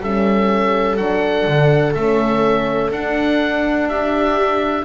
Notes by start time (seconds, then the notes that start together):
0.00 G3 C#4 A4 E5
0.97 F#3 D4 F#5
1.46 D3
1.95 A3 C#4 E5
2.91 D4 F#5
3.89 G4 E5